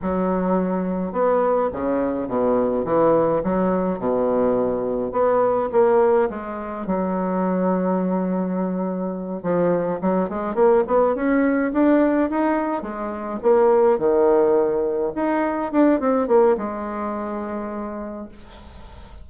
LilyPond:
\new Staff \with { instrumentName = "bassoon" } { \time 4/4 \tempo 4 = 105 fis2 b4 cis4 | b,4 e4 fis4 b,4~ | b,4 b4 ais4 gis4 | fis1~ |
fis8 f4 fis8 gis8 ais8 b8 cis'8~ | cis'8 d'4 dis'4 gis4 ais8~ | ais8 dis2 dis'4 d'8 | c'8 ais8 gis2. | }